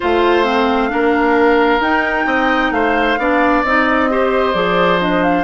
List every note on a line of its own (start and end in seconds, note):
0.00 0.92 A3
0.00 0.44 F4
0.00 0.90 C5
0.00 1.81 F5
0.44 0.89 C4
0.89 1.80 A#3
0.89 1.80 D4
0.89 2.26 A#4
1.80 2.25 D#4
1.80 3.17 D#4
1.80 2.72 G5
2.26 2.70 C4
2.26 2.72 D#5
2.70 3.16 A3
2.70 3.19 C5
2.70 3.63 F5
3.18 3.63 B3
3.18 3.64 D4
3.18 4.10 D5
3.63 4.54 C4
3.63 4.10 D#4
3.63 4.54 D#5
4.10 4.53 G4
4.10 5.44 C5
4.53 5.44 F3
4.53 4.99 G#4
4.53 4.99 D5
4.99 5.44 D4
4.99 5.23 D#5
5.23 5.44 F5